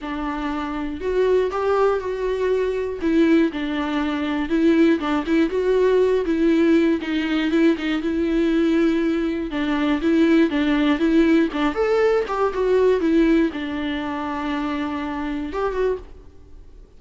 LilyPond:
\new Staff \with { instrumentName = "viola" } { \time 4/4 \tempo 4 = 120 d'2 fis'4 g'4 | fis'2 e'4 d'4~ | d'4 e'4 d'8 e'8 fis'4~ | fis'8 e'4. dis'4 e'8 dis'8 |
e'2. d'4 | e'4 d'4 e'4 d'8 a'8~ | a'8 g'8 fis'4 e'4 d'4~ | d'2. g'8 fis'8 | }